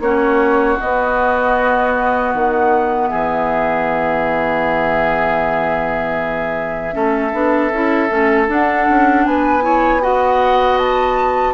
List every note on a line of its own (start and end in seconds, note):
0.00 0.77 A#3
0.00 0.79 C#4
0.00 3.10 F#4
0.00 0.78 C#5
0.80 6.93 B3
0.80 2.34 B3
0.80 2.34 D#5
2.34 3.11 D#3
2.34 3.07 F#5
3.07 6.95 E3
3.07 6.94 G#4
3.07 8.46 E5
6.93 7.33 A3
6.93 7.32 C#4
6.93 9.26 A4
7.33 7.71 B3
7.33 7.71 D4
7.71 8.09 C#4
7.71 8.08 E4
8.08 8.49 A3
8.08 8.47 C#4
8.48 9.62 D4
8.48 8.87 D4
8.48 9.25 F#5
8.89 9.25 C#4
9.25 11.54 B3
9.25 9.64 B4
9.25 10.02 G#5
9.62 10.00 E4
9.62 10.02 C#5
10.01 11.54 F#4
10.01 11.54 D#5
10.01 10.78 F#5
10.78 11.54 A5